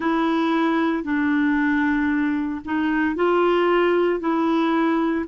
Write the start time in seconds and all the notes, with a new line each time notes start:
0.00 E4
1.03 D4
2.64 D#4
3.15 F4
4.20 E4